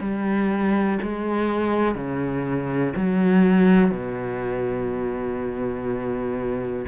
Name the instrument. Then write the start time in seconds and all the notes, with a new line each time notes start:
cello
0.00 G3
1.02 G#3
1.95 C#3
2.96 F#3
3.91 B2